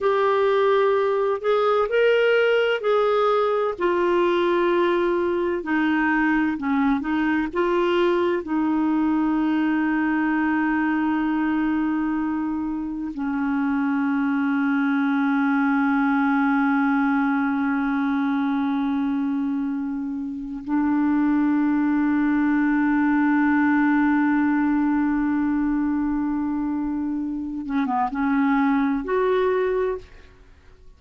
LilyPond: \new Staff \with { instrumentName = "clarinet" } { \time 4/4 \tempo 4 = 64 g'4. gis'8 ais'4 gis'4 | f'2 dis'4 cis'8 dis'8 | f'4 dis'2.~ | dis'2 cis'2~ |
cis'1~ | cis'2 d'2~ | d'1~ | d'4. cis'16 b16 cis'4 fis'4 | }